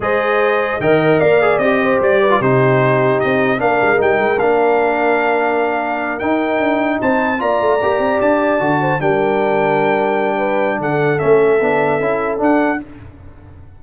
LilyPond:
<<
  \new Staff \with { instrumentName = "trumpet" } { \time 4/4 \tempo 4 = 150 dis''2 g''4 f''4 | dis''4 d''4 c''2 | dis''4 f''4 g''4 f''4~ | f''2.~ f''8 g''8~ |
g''4. a''4 ais''4.~ | ais''8 a''2 g''4.~ | g''2. fis''4 | e''2. fis''4 | }
  \new Staff \with { instrumentName = "horn" } { \time 4/4 c''2 dis''4 d''4~ | d''8 c''4 b'8 g'2~ | g'4 ais'2.~ | ais'1~ |
ais'4. c''4 d''4.~ | d''2 c''8 ais'4.~ | ais'2 b'4 a'4~ | a'1 | }
  \new Staff \with { instrumentName = "trombone" } { \time 4/4 gis'2 ais'4. gis'8 | g'4.~ g'16 f'16 dis'2~ | dis'4 d'4 dis'4 d'4~ | d'2.~ d'8 dis'8~ |
dis'2~ dis'8 f'4 g'8~ | g'4. fis'4 d'4.~ | d'1 | cis'4 d'4 e'4 d'4 | }
  \new Staff \with { instrumentName = "tuba" } { \time 4/4 gis2 dis4 ais4 | c'4 g4 c2 | c'4 ais8 gis8 g8 gis8 ais4~ | ais2.~ ais8 dis'8~ |
dis'8 d'4 c'4 ais8 a8 ais8 | c'8 d'4 d4 g4.~ | g2. d4 | a4 b4 cis'4 d'4 | }
>>